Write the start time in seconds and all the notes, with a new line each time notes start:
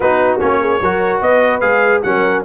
0.00 B3 D#4 F#4 B4
0.39 A#3 C#4 C#5
0.60 G#4
0.80 F#3 F#4 A#4
1.21 B3 B4 D#5
1.60 G#3 G#4 F5
2.02 F#3 C#4 A#4 F#5